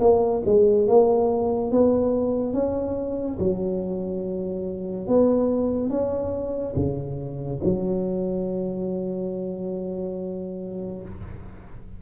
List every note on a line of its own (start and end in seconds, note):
0.00 0.42 A#3
0.45 0.88 G#3
0.88 1.71 A#3
1.71 2.53 B3
2.53 3.38 C#4
3.39 5.07 F#3
5.07 5.90 B3
5.90 6.74 C#4
6.75 7.60 C#3
7.64 11.02 F#3